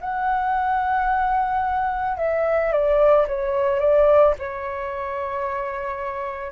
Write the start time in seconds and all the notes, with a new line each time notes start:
0.00 F#5
2.17 E5
2.72 D5
3.27 C#5
3.79 D5
4.38 C#5